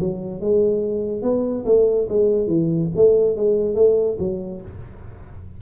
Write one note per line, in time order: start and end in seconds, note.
0.00 0.41 F#3
0.41 1.23 G#3
1.23 1.65 B3
1.66 2.08 A3
2.09 2.47 G#3
2.47 2.90 E3
2.96 3.37 A3
3.37 3.76 G#3
3.76 4.18 A3
4.19 4.62 F#3